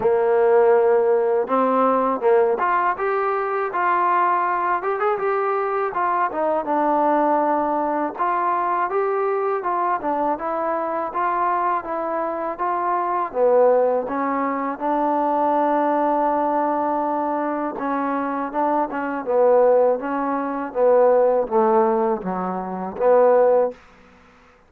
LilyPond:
\new Staff \with { instrumentName = "trombone" } { \time 4/4 \tempo 4 = 81 ais2 c'4 ais8 f'8 | g'4 f'4. g'16 gis'16 g'4 | f'8 dis'8 d'2 f'4 | g'4 f'8 d'8 e'4 f'4 |
e'4 f'4 b4 cis'4 | d'1 | cis'4 d'8 cis'8 b4 cis'4 | b4 a4 fis4 b4 | }